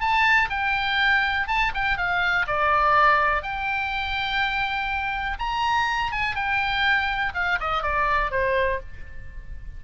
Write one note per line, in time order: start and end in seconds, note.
0.00 0.49 A5
0.50 1.47 G5
1.47 1.72 A5
1.74 1.97 G5
1.97 2.46 F5
2.47 3.42 D5
3.42 5.37 G5
5.39 6.11 A#5
6.11 6.35 G#5
6.35 7.33 G5
7.34 7.58 F5
7.60 7.82 D#5
7.82 8.31 D5
8.31 8.79 C5